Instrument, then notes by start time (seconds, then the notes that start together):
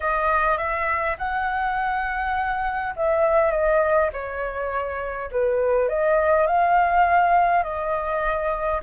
flute
0.00 D#5
0.57 E5
1.17 F#5
2.95 E5
3.51 D#5
4.12 C#5
5.31 B4
5.89 D#5
6.47 F5
7.63 D#5